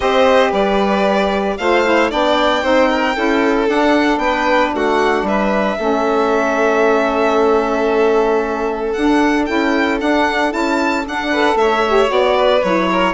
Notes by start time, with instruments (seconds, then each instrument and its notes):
0.00 bassoon C4, saxophone G4, violin C5 D#5
0.51 bassoon G3, violin B4 D5
1.57 bassoon A3, saxophone F4, violin C5 F5
1.84 saxophone E4
2.10 bassoon B3, saxophone D4, violin D5 G5
2.62 bassoon C4, saxophone D#4, violin C5
2.89 violin A#4
3.15 bassoon C#4, saxophone E4, violin A4
3.68 saxophone D4, bassoon D4, violin F#5
4.18 bassoon B3, violin B4 G5
4.75 bassoon A3, violin F#4 F#5
5.22 bassoon G3, violin B4 E5
5.77 bassoon A3, saxophone C#4, violin A4
8.92 saxophone D4, bassoon D4, violin F#5
9.45 bassoon C#4, saxophone E4, violin G5
9.99 saxophone D4, bassoon D4, violin F#5
10.50 bassoon C#4, saxophone E4, violin A5
11.05 saxophone D4, bassoon D4, violin F#5
11.30 saxophone A4, violin B4
11.55 bassoon A3, violin C#5 E5
11.87 saxophone G4
12.07 bassoon B3, saxophone F#4, violin D5
12.36 violin B4
12.63 bassoon F#3, saxophone E4, violin C#5
12.91 violin A#4